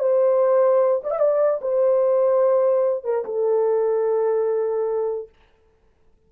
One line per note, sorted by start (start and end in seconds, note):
0.00 1.02 C5
1.04 1.11 D5
1.11 1.20 E5
1.20 1.60 D5
1.62 3.05 C5
3.05 3.25 A#4
3.25 5.29 A4